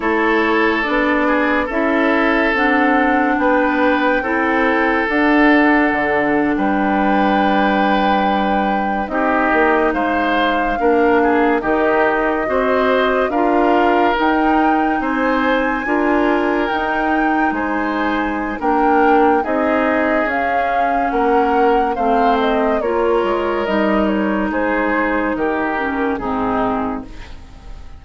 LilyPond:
<<
  \new Staff \with { instrumentName = "flute" } { \time 4/4 \tempo 4 = 71 cis''4 d''4 e''4 fis''4 | g''2 fis''4.~ fis''16 g''16~ | g''2~ g''8. dis''4 f''16~ | f''4.~ f''16 dis''2 f''16~ |
f''8. g''4 gis''2 g''16~ | g''8. gis''4~ gis''16 g''4 dis''4 | f''4 fis''4 f''8 dis''8 cis''4 | dis''8 cis''8 c''4 ais'4 gis'4 | }
  \new Staff \with { instrumentName = "oboe" } { \time 4/4 a'4. gis'8 a'2 | b'4 a'2~ a'8. b'16~ | b'2~ b'8. g'4 c''16~ | c''8. ais'8 gis'8 g'4 c''4 ais'16~ |
ais'4.~ ais'16 c''4 ais'4~ ais'16~ | ais'8. c''4~ c''16 ais'4 gis'4~ | gis'4 ais'4 c''4 ais'4~ | ais'4 gis'4 g'4 dis'4 | }
  \new Staff \with { instrumentName = "clarinet" } { \time 4/4 e'4 d'4 e'4 d'4~ | d'4 e'4 d'2~ | d'2~ d'8. dis'4~ dis'16~ | dis'8. d'4 dis'4 fis'4 f'16~ |
f'8. dis'2 f'4 dis'16~ | dis'2 d'4 dis'4 | cis'2 c'4 f'4 | dis'2~ dis'8 cis'8 c'4 | }
  \new Staff \with { instrumentName = "bassoon" } { \time 4/4 a4 b4 cis'4 c'4 | b4 c'4 d'4 d8. g16~ | g2~ g8. c'8 ais8 gis16~ | gis8. ais4 dis4 c'4 d'16~ |
d'8. dis'4 c'4 d'4 dis'16~ | dis'8. gis4~ gis16 ais4 c'4 | cis'4 ais4 a4 ais8 gis8 | g4 gis4 dis4 gis,4 | }
>>